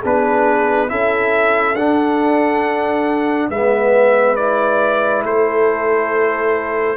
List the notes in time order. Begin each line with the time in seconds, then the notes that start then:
0.00 B3 D4 G#4 B4
0.88 C#4 E4 A4 E5
1.74 D4 F#5
3.49 G#3 B3 B4 E5
4.36 E4 D5
5.23 A3 A4 C5